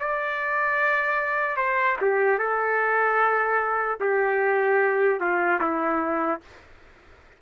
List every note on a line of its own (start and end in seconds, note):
0.00 1.57 D5
1.57 1.97 C5
2.01 2.39 G4
2.39 3.99 A4
4.00 5.20 G4
5.20 5.60 F4
5.61 6.41 E4